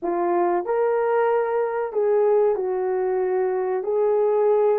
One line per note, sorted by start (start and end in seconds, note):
0.02 0.65 F4
0.65 1.93 A#4
1.93 2.55 G#4
2.55 3.83 F#4
3.83 4.78 G#4